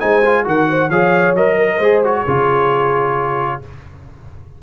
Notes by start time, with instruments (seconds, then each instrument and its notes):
0.00 tuba G#3, trombone D#4, horn C5, trumpet G#5
0.26 trombone F4
0.45 tuba D#3, trombone F#4, horn A#4, trumpet F#5
0.69 horn C5
0.90 tuba F3, trombone G#4, horn C#5, trumpet F5
1.35 tuba F#3, trombone A#4, trumpet D#5
1.57 horn A#4
1.78 tuba G#3, trombone G#4, horn C5
2.05 trombone F#4, trumpet C#5
2.25 tuba C#3, trombone F4, horn G#4